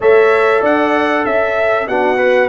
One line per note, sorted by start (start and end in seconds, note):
0.00 0.62 A3
0.00 1.88 A4
0.00 0.60 C#5
0.00 0.64 E5
0.60 1.24 D4
0.60 1.23 D5
0.60 1.25 F#5
1.25 1.87 C#4
1.25 1.87 E5
1.87 2.49 B3
1.87 2.17 D4
1.87 2.49 F#4
1.87 2.49 F#5
2.17 2.49 B4